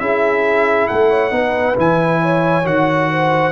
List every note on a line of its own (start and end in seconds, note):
0.00 0.89 C#4
0.00 1.31 E4
0.00 0.89 G#4
0.00 0.88 E5
0.88 1.31 A3
0.88 1.10 A4
0.88 1.76 F#5
1.10 1.32 C#5
1.31 1.76 B3
1.31 1.75 D#4
1.31 2.22 B4
1.76 2.66 E3
1.76 2.64 E4
1.76 2.67 G#5
2.22 3.11 C#5
2.64 3.52 D#3
2.64 3.52 F#4
2.64 3.52 F#5
3.11 3.52 C5